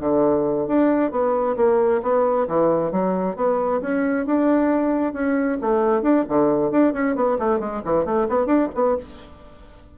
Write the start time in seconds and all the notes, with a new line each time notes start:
0.00 D3
0.67 D4
1.11 B3
1.57 A#3
2.02 B3
2.48 E3
2.92 F#3
3.36 B3
3.81 C#4
4.26 D4
5.14 C#4
5.61 A3
6.02 D4
6.29 D3
6.71 D4
6.93 C#4
7.16 B3
7.39 A3
7.60 G#3
7.85 E3
8.05 A3
8.29 B3
8.46 D4
8.75 B3